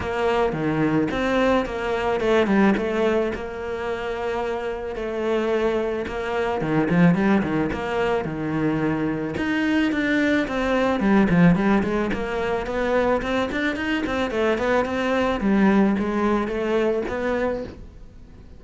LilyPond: \new Staff \with { instrumentName = "cello" } { \time 4/4 \tempo 4 = 109 ais4 dis4 c'4 ais4 | a8 g8 a4 ais2~ | ais4 a2 ais4 | dis8 f8 g8 dis8 ais4 dis4~ |
dis4 dis'4 d'4 c'4 | g8 f8 g8 gis8 ais4 b4 | c'8 d'8 dis'8 c'8 a8 b8 c'4 | g4 gis4 a4 b4 | }